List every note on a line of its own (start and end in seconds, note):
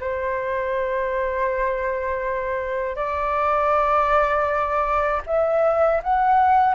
0.00 2.96 C5
2.96 5.21 D5
5.26 6.01 E5
6.03 6.75 F#5